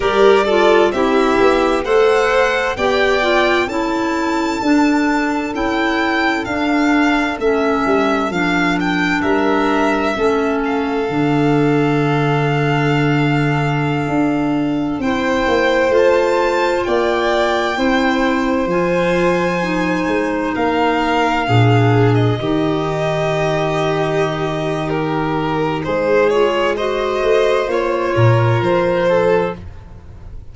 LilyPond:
<<
  \new Staff \with { instrumentName = "violin" } { \time 4/4 \tempo 4 = 65 d''4 e''4 fis''4 g''4 | a''2 g''4 f''4 | e''4 f''8 g''8 e''4. f''8~ | f''1~ |
f''16 g''4 a''4 g''4.~ g''16~ | g''16 gis''2 f''4.~ f''16 | dis''2. ais'4 | c''8 cis''8 dis''4 cis''4 c''4 | }
  \new Staff \with { instrumentName = "violin" } { \time 4/4 ais'8 a'8 g'4 c''4 d''4 | a'1~ | a'2 ais'4 a'4~ | a'1~ |
a'16 c''2 d''4 c''8.~ | c''2~ c''16 ais'4 gis'8.~ | gis'16 g'2.~ g'8. | gis'4 c''4. ais'4 a'8 | }
  \new Staff \with { instrumentName = "clarinet" } { \time 4/4 g'8 f'8 e'4 a'4 g'8 f'8 | e'4 d'4 e'4 d'4 | cis'4 d'2 cis'4 | d'1~ |
d'16 e'4 f'2 e'8.~ | e'16 f'4 dis'2 d'8.~ | d'16 dis'2.~ dis'8.~ | dis'8 f'8 fis'4 f'2 | }
  \new Staff \with { instrumentName = "tuba" } { \time 4/4 g4 c'8 b8 a4 b4 | cis'4 d'4 cis'4 d'4 | a8 g8 f4 g4 a4 | d2.~ d16 d'8.~ |
d'16 c'8 ais8 a4 ais4 c'8.~ | c'16 f4. gis8 ais4 ais,8.~ | ais,16 dis2.~ dis8. | gis4. a8 ais8 ais,8 f4 | }
>>